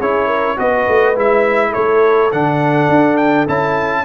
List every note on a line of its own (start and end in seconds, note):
0.00 0.58 C#4
0.00 0.57 E4
0.00 0.26 G#4
0.00 0.58 C#5
0.26 0.55 A#4
0.57 0.87 B3
0.57 1.14 F#4
0.57 1.69 B4
0.57 1.16 D#5
0.88 1.15 A3
1.15 1.73 G#3
1.15 2.30 E4
1.15 1.73 E5
1.69 4.00 A4
1.69 2.31 C#5
1.76 2.32 A3
2.32 2.89 D3
2.32 3.47 D4
2.32 3.17 F#5
2.89 3.46 D4
3.17 3.46 G5
3.47 4.04 C#4
3.47 4.04 E4
3.47 4.04 A5